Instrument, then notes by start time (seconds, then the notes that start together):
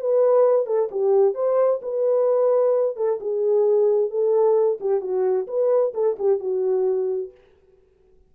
horn
0.00 B4
0.66 A4
0.91 G4
1.34 C5
1.82 B4
2.96 A4
3.20 G#4
4.10 A4
4.80 G4
5.01 F#4
5.47 B4
5.94 A4
6.18 G4
6.40 F#4